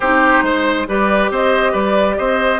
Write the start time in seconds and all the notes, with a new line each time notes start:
0.00 C4 D#4 G4 C5
0.42 G#3 C5
0.87 G3 G4 B4 D5
1.30 C4 C5 D#5
1.72 G3 B4 D5
2.17 C4 C5 D#5